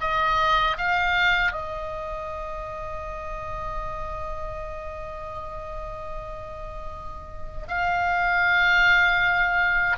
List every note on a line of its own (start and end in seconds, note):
0.00 0.77 D#5
0.77 1.52 F5
1.52 7.67 D#5
7.67 9.97 F5